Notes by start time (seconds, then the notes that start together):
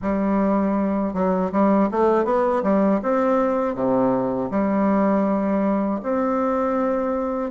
0.02 G3
1.13 F#3
1.52 G3
1.91 A3
2.25 B3
2.62 G3
3.02 C4
3.75 C3
4.50 G3
6.02 C4